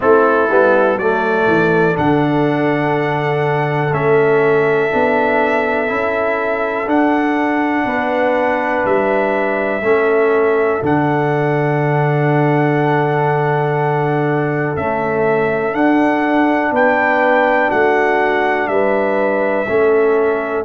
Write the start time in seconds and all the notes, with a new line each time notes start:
0.00 A3 C4 E4 A4
0.50 G3 B3
0.97 F#3 A3 A4 D5
1.47 E3
1.94 D3 D4 F#5
3.92 A3 C#4 E5
4.91 B3 D4
5.87 C#4 E4
6.86 D4 F#5
7.85 B3 B4
8.84 G3 E5
9.81 A3 C#4 A4
10.82 D3 D4 F#5
14.76 A3 C#4 E5
15.72 D4 F#5
16.71 B3 B4 G5
17.68 A3 F#4 F#5
18.67 G3 B4 E5
19.67 A3 C#4 A4